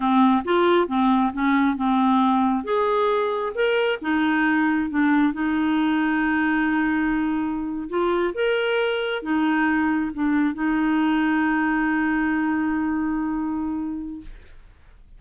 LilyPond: \new Staff \with { instrumentName = "clarinet" } { \time 4/4 \tempo 4 = 135 c'4 f'4 c'4 cis'4 | c'2 gis'2 | ais'4 dis'2 d'4 | dis'1~ |
dis'4.~ dis'16 f'4 ais'4~ ais'16~ | ais'8. dis'2 d'4 dis'16~ | dis'1~ | dis'1 | }